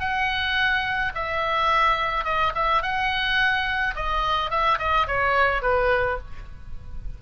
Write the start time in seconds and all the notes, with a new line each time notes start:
0.00 F#5
1.15 E5
2.24 D#5
2.55 E5
2.82 F#5
3.95 D#5
4.50 E5
4.79 D#5
5.07 C#5
5.62 B4